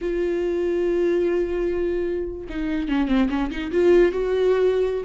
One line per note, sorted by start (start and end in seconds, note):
0.01 2.47 F4
2.49 2.88 D#4
2.88 3.08 C#4
3.08 3.28 C4
3.29 3.50 C#4
3.50 3.71 D#4
3.71 4.12 F4
4.12 5.04 F#4